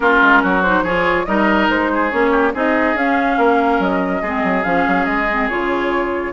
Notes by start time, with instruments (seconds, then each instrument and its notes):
0.00 bassoon A#3, clarinet C#4, oboe F4, flute A#4
0.21 bassoon G#3
0.42 bassoon F#3, oboe F#4
0.62 clarinet D#4, flute C5
0.82 bassoon F3, clarinet F4, oboe G#4, flute C#5
1.25 bassoon G3, clarinet D#4, oboe A#4, flute D#5
1.69 bassoon G#3, flute C5
1.93 oboe G#4
2.10 bassoon A#3, clarinet C#4, flute C#5
2.31 oboe G4
2.54 bassoon C4, clarinet D#4, oboe G#4, flute D#5
2.94 bassoon C#4, clarinet C#4, flute F5
3.37 bassoon A#3, oboe A#4
3.79 bassoon F#3, flute D#5
4.21 bassoon G#3, clarinet C4, oboe G#4
4.43 bassoon F#3
4.63 bassoon F3, clarinet C#4, flute F5
4.87 bassoon F#3
5.05 bassoon G#3, flute D#5
5.32 clarinet C4
5.49 bassoon C#3, clarinet F4, flute C#5